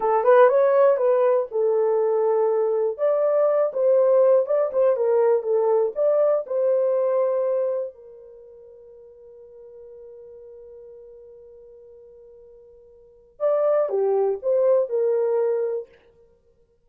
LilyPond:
\new Staff \with { instrumentName = "horn" } { \time 4/4 \tempo 4 = 121 a'8 b'8 cis''4 b'4 a'4~ | a'2 d''4. c''8~ | c''4 d''8 c''8 ais'4 a'4 | d''4 c''2. |
ais'1~ | ais'1~ | ais'2. d''4 | g'4 c''4 ais'2 | }